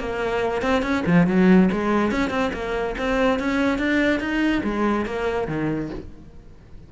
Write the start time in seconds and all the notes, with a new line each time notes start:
0.00 A#3
0.62 C4
0.83 C#4
1.06 F3
1.27 F#3
1.72 G#3
2.12 C#4
2.30 C4
2.54 A#3
2.98 C4
3.40 C#4
3.79 D4
4.20 D#4
4.64 G#3
5.06 A#3
5.48 D#3